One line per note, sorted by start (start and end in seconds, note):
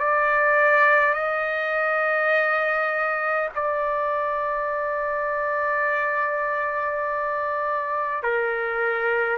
0.00 1.14 D5
1.14 3.50 D#5
3.56 8.24 D5
8.24 9.38 A#4